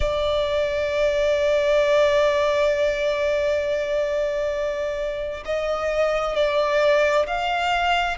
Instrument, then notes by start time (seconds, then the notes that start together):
violin
0.00 D5
5.45 D#5
6.35 D5
7.26 F5